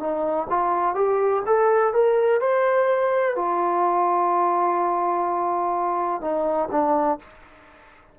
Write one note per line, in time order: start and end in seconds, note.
0.00 0.48 D#4
0.50 0.95 F4
0.95 1.43 G4
1.46 1.94 A4
1.94 2.41 A#4
2.41 3.36 C5
3.36 6.22 F4
6.22 6.69 D#4
6.71 7.19 D4